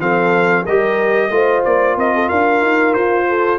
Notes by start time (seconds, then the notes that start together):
0.00 F3 C4 A4 F5
0.64 G3 G4 A#4 D#5
1.30 A3 F4 C5
1.65 A#3 D5
1.97 C4 A#4 D#5
2.15 A4
2.28 D4 A#4 F5
2.61 D#4
2.94 F4 C5
3.29 A4